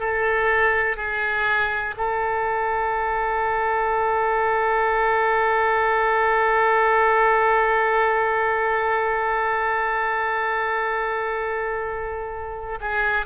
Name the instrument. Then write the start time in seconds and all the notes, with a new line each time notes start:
oboe
0.00 A4
0.97 G#4
1.97 A4
12.80 G#4